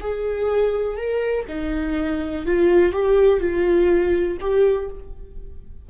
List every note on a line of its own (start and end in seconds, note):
0.00 0.97 G#4
0.97 1.45 A#4
1.48 2.46 D#4
2.46 2.93 F4
2.93 3.40 G4
3.40 4.38 F4
4.40 4.89 G4